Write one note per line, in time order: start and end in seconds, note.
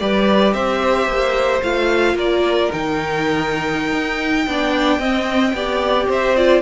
0.00 0.54 G3
0.00 1.62 G4
0.00 0.54 B4
0.00 0.54 D5
0.54 1.08 C4
0.54 2.16 C5
0.54 1.62 E5
1.08 1.62 A#3
1.63 2.14 A3
1.63 2.70 F4
1.63 2.17 F5
2.14 2.68 A#3
2.14 4.45 A#4
2.14 2.72 D5
2.70 3.93 D#3
2.70 4.46 D#4
2.70 6.10 G5
3.93 4.47 D#4
4.47 4.99 B3
4.47 5.01 D4
4.47 4.99 D5
4.99 5.53 C4
4.99 5.55 C4
4.99 5.53 D#5
5.53 6.07 B3
5.53 6.37 G4
5.53 6.09 D5
6.09 6.62 C4
6.09 6.62 C5
6.09 6.37 E5
6.37 6.62 F4
6.37 6.62 D5